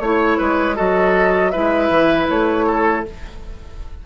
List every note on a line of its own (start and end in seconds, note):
0.00 0.38 A3
0.00 0.76 E4
0.00 0.76 C#5
0.00 0.39 C#5
0.39 0.79 G#3
0.39 0.76 B4
0.76 1.56 F#3
0.76 1.52 F#4
0.76 1.52 A4
0.76 1.51 D#5
1.51 1.90 G#3
1.51 3.06 E4
1.51 2.66 B4
1.51 2.27 E5
1.90 2.28 E3
2.29 3.06 A3
2.29 3.05 C#5
2.67 3.05 A4